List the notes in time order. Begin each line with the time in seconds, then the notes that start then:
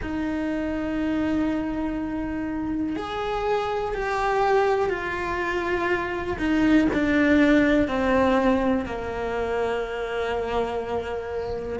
0.01 D#4
2.96 G#4
3.94 G4
4.89 F4
6.38 D#4
6.93 D4
7.87 C4
8.85 A#3